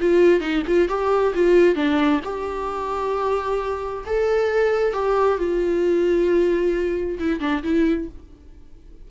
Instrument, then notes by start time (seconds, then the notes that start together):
viola
0.00 F4
0.40 D#4
0.67 F4
0.88 G4
1.34 F4
1.75 D4
2.24 G4
4.06 A4
4.93 G4
5.38 F4
7.19 E4
7.40 D4
7.63 E4